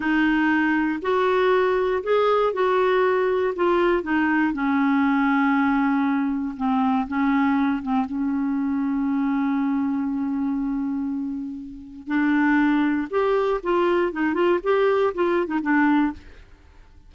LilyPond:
\new Staff \with { instrumentName = "clarinet" } { \time 4/4 \tempo 4 = 119 dis'2 fis'2 | gis'4 fis'2 f'4 | dis'4 cis'2.~ | cis'4 c'4 cis'4. c'8 |
cis'1~ | cis'1 | d'2 g'4 f'4 | dis'8 f'8 g'4 f'8. dis'16 d'4 | }